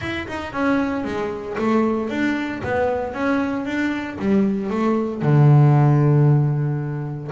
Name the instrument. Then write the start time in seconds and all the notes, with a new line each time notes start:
double bass
0.01 E4
0.27 D#4
0.52 C#4
1.04 G#3
1.57 A3
2.09 D4
2.63 B3
3.13 C#4
3.65 D4
4.18 G3
4.70 A3
5.22 D3